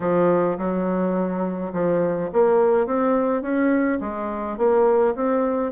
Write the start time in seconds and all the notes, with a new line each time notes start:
0.00 F3
0.58 F#3
1.72 F3
2.32 A#3
2.86 C4
3.41 C#4
4.00 G#3
4.57 A#3
5.15 C4